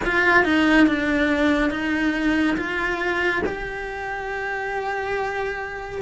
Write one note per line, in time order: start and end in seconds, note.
0.05 0.44 F4
0.44 0.86 D#4
0.86 1.70 D4
1.70 2.56 D#4
2.56 3.42 F4
3.46 6.01 G4